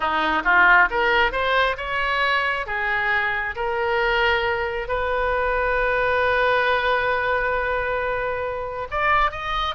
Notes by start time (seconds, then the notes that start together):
0.00 D#4
0.44 F4
0.90 A#4
1.32 C5
1.77 C#5
2.66 G#4
3.55 A#4
4.88 B4
8.91 D5
9.31 D#5